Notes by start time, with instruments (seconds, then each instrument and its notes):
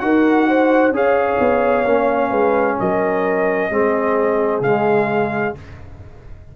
0.00 tuba D#4, trombone F#4, horn A#4, trumpet F#5
0.49 horn C5
0.91 tuba C#4, trombone G#4, horn C#5, trumpet F5
1.39 tuba B3
1.85 tuba A#3, trombone C#4
2.30 tuba G#3, horn B4
2.79 tuba F#3, horn A#4, trumpet D#5
3.70 tuba G#3, trombone C4, horn G#4
4.61 tuba C#3, trombone G#3, trumpet F5